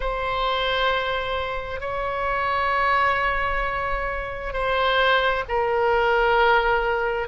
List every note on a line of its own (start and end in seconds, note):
0.00 1.80 C5
1.80 4.52 C#5
4.52 5.43 C5
5.48 7.27 A#4